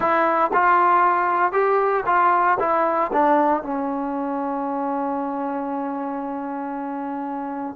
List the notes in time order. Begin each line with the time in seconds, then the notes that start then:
0.00 E4
0.53 F4
1.52 G4
2.06 F4
2.59 E4
3.12 D4
3.63 C#4